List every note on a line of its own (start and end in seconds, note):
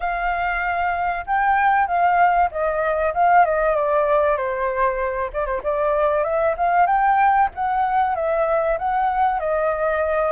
0.00 1.25 F5
1.26 1.87 G5
1.87 2.49 F5
2.51 3.13 D#5
3.14 3.45 F5
3.45 3.75 D#5
3.75 4.36 D5
4.36 5.30 C5
5.33 5.46 D5
5.46 5.61 C5
5.62 6.24 D5
6.24 6.55 E5
6.57 6.86 F5
6.86 7.49 G5
7.54 8.15 F#5
8.15 8.78 E5
8.78 9.39 F#5
9.39 10.31 D#5